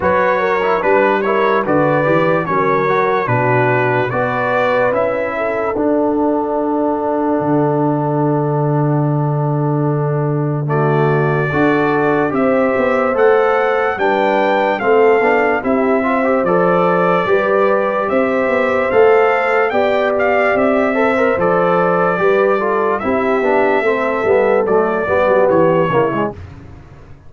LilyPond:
<<
  \new Staff \with { instrumentName = "trumpet" } { \time 4/4 \tempo 4 = 73 cis''4 b'8 cis''8 d''4 cis''4 | b'4 d''4 e''4 fis''4~ | fis''1~ | fis''4 d''2 e''4 |
fis''4 g''4 f''4 e''4 | d''2 e''4 f''4 | g''8 f''8 e''4 d''2 | e''2 d''4 cis''4 | }
  \new Staff \with { instrumentName = "horn" } { \time 4/4 b'8 ais'8 b'8 ais'8 b'4 ais'4 | fis'4 b'4. a'4.~ | a'1~ | a'4 fis'4 a'4 c''4~ |
c''4 b'4 a'4 g'8 c''8~ | c''4 b'4 c''2 | d''4. c''4. b'8 a'8 | g'4 a'4. g'4 e'8 | }
  \new Staff \with { instrumentName = "trombone" } { \time 4/4 fis'8. e'16 d'8 e'8 fis'8 g'8 cis'8 fis'8 | d'4 fis'4 e'4 d'4~ | d'1~ | d'4 a4 fis'4 g'4 |
a'4 d'4 c'8 d'8 e'8 f'16 g'16 | a'4 g'2 a'4 | g'4. a'16 ais'16 a'4 g'8 f'8 | e'8 d'8 c'8 b8 a8 b4 ais16 gis16 | }
  \new Staff \with { instrumentName = "tuba" } { \time 4/4 fis4 g4 d8 e8 fis4 | b,4 b4 cis'4 d'4~ | d'4 d2.~ | d2 d'4 c'8 b8 |
a4 g4 a8 b8 c'4 | f4 g4 c'8 b8 a4 | b4 c'4 f4 g4 | c'8 b8 a8 g8 fis8 g16 fis16 e8 cis8 | }
>>